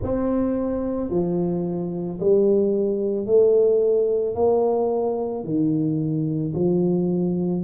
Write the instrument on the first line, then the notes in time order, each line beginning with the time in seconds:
tuba
0.02 C4
1.10 F3
2.20 G3
3.25 A3
4.34 A#3
5.43 D#3
6.54 F3